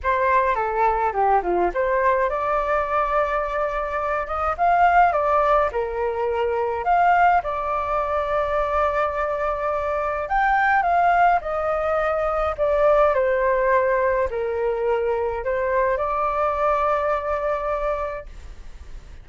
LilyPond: \new Staff \with { instrumentName = "flute" } { \time 4/4 \tempo 4 = 105 c''4 a'4 g'8 f'8 c''4 | d''2.~ d''8 dis''8 | f''4 d''4 ais'2 | f''4 d''2.~ |
d''2 g''4 f''4 | dis''2 d''4 c''4~ | c''4 ais'2 c''4 | d''1 | }